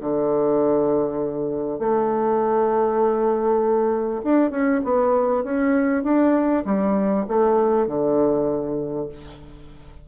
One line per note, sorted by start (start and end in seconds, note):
0.00 1.79 D3
1.79 4.21 A3
4.24 4.50 D4
4.50 4.81 C#4
4.84 5.44 B3
5.44 6.03 C#4
6.03 6.64 D4
6.65 7.25 G3
7.28 7.87 A3
7.87 9.08 D3